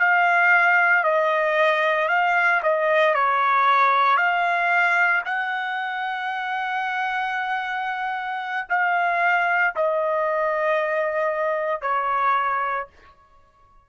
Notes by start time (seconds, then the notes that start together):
0.00 F5
1.04 D#5
2.09 F5
2.63 D#5
3.15 C#5
4.17 F5
5.25 F#5
8.69 F5
9.76 D#5
11.82 C#5